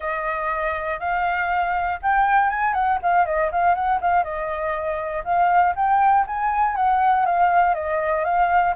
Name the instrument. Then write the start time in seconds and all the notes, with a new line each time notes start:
flute
0.00 D#5
0.99 F5
2.02 G5
2.49 G#5
2.73 F#5
3.02 F5
3.25 D#5
3.51 F5
3.74 F#5
4.01 F5
4.23 D#5
5.24 F5
5.75 G5
6.26 G#5
6.75 F#5
7.25 F5
7.74 D#5
8.24 F5